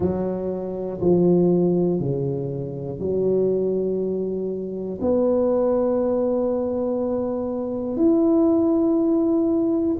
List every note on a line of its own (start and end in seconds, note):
0.00 1.00 F#3
1.00 1.99 F3
1.99 2.99 C#3
2.99 4.99 F#3
5.00 7.96 B3
7.96 9.96 E4